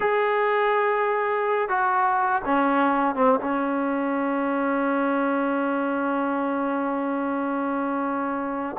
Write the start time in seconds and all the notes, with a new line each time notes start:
0.00 G#4
1.68 F#4
2.45 C#4
3.15 C4
3.39 C#4